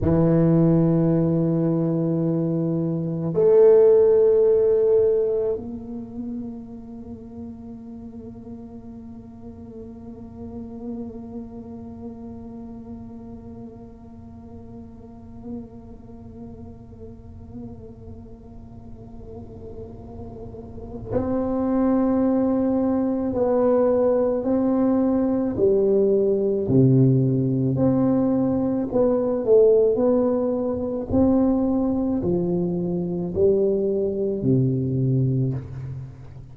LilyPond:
\new Staff \with { instrumentName = "tuba" } { \time 4/4 \tempo 4 = 54 e2. a4~ | a4 ais2.~ | ais1~ | ais1~ |
ais2. c'4~ | c'4 b4 c'4 g4 | c4 c'4 b8 a8 b4 | c'4 f4 g4 c4 | }